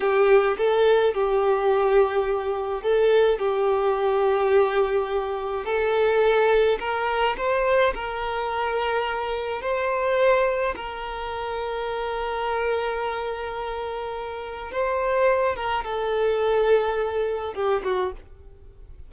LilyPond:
\new Staff \with { instrumentName = "violin" } { \time 4/4 \tempo 4 = 106 g'4 a'4 g'2~ | g'4 a'4 g'2~ | g'2 a'2 | ais'4 c''4 ais'2~ |
ais'4 c''2 ais'4~ | ais'1~ | ais'2 c''4. ais'8 | a'2. g'8 fis'8 | }